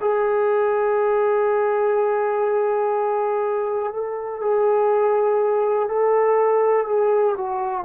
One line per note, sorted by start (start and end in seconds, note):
0.00 3.93 G#4
3.93 4.41 A4
4.41 5.88 G#4
5.88 6.86 A4
6.86 7.35 G#4
7.37 7.84 F#4